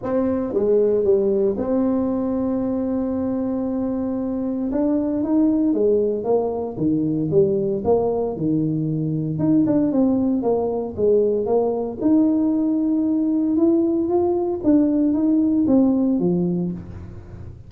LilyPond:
\new Staff \with { instrumentName = "tuba" } { \time 4/4 \tempo 4 = 115 c'4 gis4 g4 c'4~ | c'1~ | c'4 d'4 dis'4 gis4 | ais4 dis4 g4 ais4 |
dis2 dis'8 d'8 c'4 | ais4 gis4 ais4 dis'4~ | dis'2 e'4 f'4 | d'4 dis'4 c'4 f4 | }